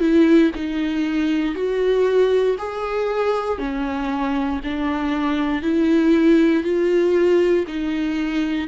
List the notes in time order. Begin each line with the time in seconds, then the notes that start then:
0.00 E4
0.55 D#4
1.55 F#4
2.58 G#4
3.59 C#4
4.64 D4
5.62 E4
6.63 F4
7.67 D#4